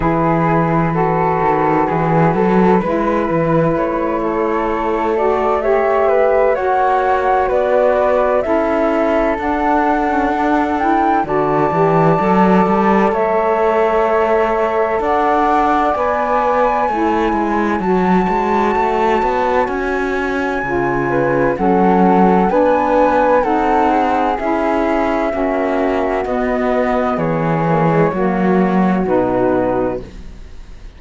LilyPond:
<<
  \new Staff \with { instrumentName = "flute" } { \time 4/4 \tempo 4 = 64 b'1 | cis''4. d''8 e''4 fis''4 | d''4 e''4 fis''4. g''8 | a''2 e''2 |
fis''4 gis''2 a''4~ | a''4 gis''2 fis''4 | gis''4 fis''4 e''2 | dis''4 cis''2 b'4 | }
  \new Staff \with { instrumentName = "flute" } { \time 4/4 gis'4 a'4 gis'8 a'8 b'4~ | b'8 a'4. cis''8 b'8 cis''4 | b'4 a'2. | d''2 cis''2 |
d''2 cis''2~ | cis''2~ cis''8 b'8 a'4 | b'4 a'8 gis'4. fis'4~ | fis'4 gis'4 fis'2 | }
  \new Staff \with { instrumentName = "saxophone" } { \time 4/4 e'4 fis'2 e'4~ | e'4. fis'8 g'4 fis'4~ | fis'4 e'4 d'8. cis'16 d'8 e'8 | fis'8 g'8 a'2.~ |
a'4 b'4 e'4 fis'4~ | fis'2 f'4 cis'4 | d'4 dis'4 e'4 cis'4 | b4. ais16 gis16 ais4 dis'4 | }
  \new Staff \with { instrumentName = "cello" } { \time 4/4 e4. dis8 e8 fis8 gis8 e8 | a2. ais4 | b4 cis'4 d'2 | d8 e8 fis8 g8 a2 |
d'4 b4 a8 gis8 fis8 gis8 | a8 b8 cis'4 cis4 fis4 | b4 c'4 cis'4 ais4 | b4 e4 fis4 b,4 | }
>>